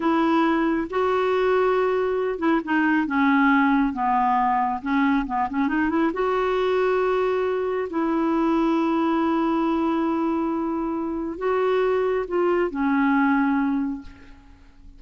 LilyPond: \new Staff \with { instrumentName = "clarinet" } { \time 4/4 \tempo 4 = 137 e'2 fis'2~ | fis'4. e'8 dis'4 cis'4~ | cis'4 b2 cis'4 | b8 cis'8 dis'8 e'8 fis'2~ |
fis'2 e'2~ | e'1~ | e'2 fis'2 | f'4 cis'2. | }